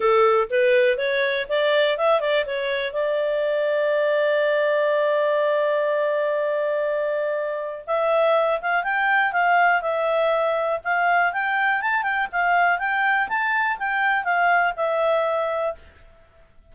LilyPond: \new Staff \with { instrumentName = "clarinet" } { \time 4/4 \tempo 4 = 122 a'4 b'4 cis''4 d''4 | e''8 d''8 cis''4 d''2~ | d''1~ | d''1 |
e''4. f''8 g''4 f''4 | e''2 f''4 g''4 | a''8 g''8 f''4 g''4 a''4 | g''4 f''4 e''2 | }